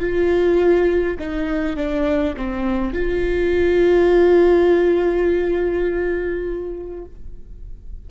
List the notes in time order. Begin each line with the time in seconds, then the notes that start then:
0.00 F4
1.19 D#4
1.76 D4
2.36 C4
2.93 F4